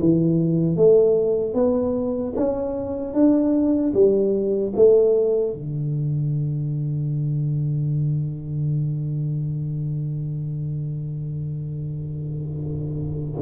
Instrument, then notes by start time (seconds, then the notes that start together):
tuba
0.00 E3
0.76 A3
1.54 B3
2.36 C#4
3.14 D4
3.94 G3
4.75 A3
5.53 D3